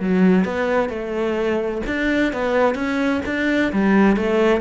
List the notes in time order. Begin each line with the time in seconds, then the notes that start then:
0.00 F#3
0.45 B3
0.89 A3
1.86 D4
2.32 B3
2.75 C#4
3.26 D4
3.72 G3
4.16 A3